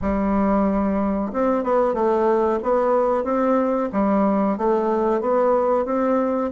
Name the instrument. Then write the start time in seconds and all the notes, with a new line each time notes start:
bassoon
0.01 G3
1.33 C4
1.63 B3
1.94 A3
2.62 B3
3.23 C4
3.92 G3
4.57 A3
5.21 B3
5.85 C4